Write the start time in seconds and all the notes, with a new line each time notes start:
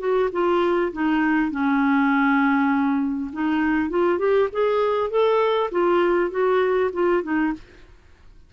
0.00 F#4
0.33 F4
0.93 D#4
1.52 C#4
3.33 D#4
3.90 F4
4.19 G4
4.53 G#4
5.11 A4
5.72 F4
6.31 F#4
6.94 F4
7.24 D#4